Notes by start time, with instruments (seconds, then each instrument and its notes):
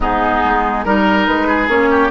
0.00 bassoon G#2, clarinet B3, oboe D#4, flute G#4
0.44 bassoon G#3
0.84 bassoon G3, clarinet D#4, flute A#4, oboe A#4
1.26 bassoon G#3, flute B4
1.47 oboe G#4
1.67 bassoon A#3, clarinet C#4, flute C#5
1.90 oboe G4